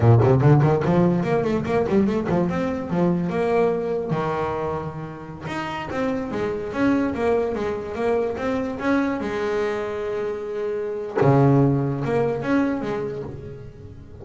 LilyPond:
\new Staff \with { instrumentName = "double bass" } { \time 4/4 \tempo 4 = 145 ais,8 c8 d8 dis8 f4 ais8 a8 | ais8 g8 a8 f8 c'4 f4 | ais2 dis2~ | dis4~ dis16 dis'4 c'4 gis8.~ |
gis16 cis'4 ais4 gis4 ais8.~ | ais16 c'4 cis'4 gis4.~ gis16~ | gis2. cis4~ | cis4 ais4 cis'4 gis4 | }